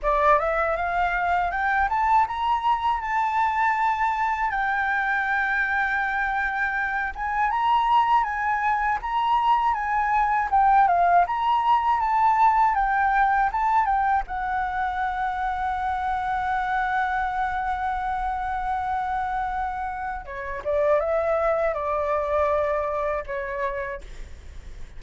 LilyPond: \new Staff \with { instrumentName = "flute" } { \time 4/4 \tempo 4 = 80 d''8 e''8 f''4 g''8 a''8 ais''4 | a''2 g''2~ | g''4. gis''8 ais''4 gis''4 | ais''4 gis''4 g''8 f''8 ais''4 |
a''4 g''4 a''8 g''8 fis''4~ | fis''1~ | fis''2. cis''8 d''8 | e''4 d''2 cis''4 | }